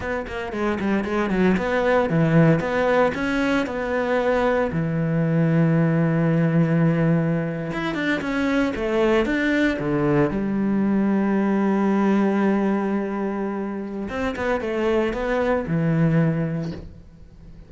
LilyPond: \new Staff \with { instrumentName = "cello" } { \time 4/4 \tempo 4 = 115 b8 ais8 gis8 g8 gis8 fis8 b4 | e4 b4 cis'4 b4~ | b4 e2.~ | e2~ e8. e'8 d'8 cis'16~ |
cis'8. a4 d'4 d4 g16~ | g1~ | g2. c'8 b8 | a4 b4 e2 | }